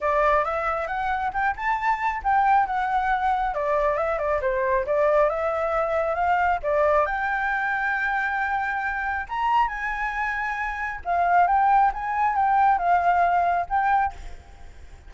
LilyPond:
\new Staff \with { instrumentName = "flute" } { \time 4/4 \tempo 4 = 136 d''4 e''4 fis''4 g''8 a''8~ | a''4 g''4 fis''2 | d''4 e''8 d''8 c''4 d''4 | e''2 f''4 d''4 |
g''1~ | g''4 ais''4 gis''2~ | gis''4 f''4 g''4 gis''4 | g''4 f''2 g''4 | }